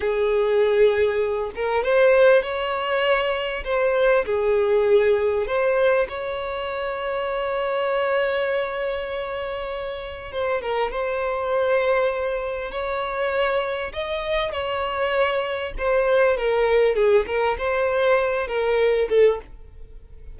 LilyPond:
\new Staff \with { instrumentName = "violin" } { \time 4/4 \tempo 4 = 99 gis'2~ gis'8 ais'8 c''4 | cis''2 c''4 gis'4~ | gis'4 c''4 cis''2~ | cis''1~ |
cis''4 c''8 ais'8 c''2~ | c''4 cis''2 dis''4 | cis''2 c''4 ais'4 | gis'8 ais'8 c''4. ais'4 a'8 | }